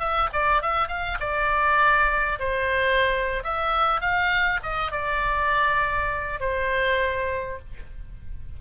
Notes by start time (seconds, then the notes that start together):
0.00 E5
0.33 D5
0.62 E5
0.89 F5
1.21 D5
2.40 C5
3.44 E5
4.01 F5
4.63 D#5
4.92 D5
6.40 C5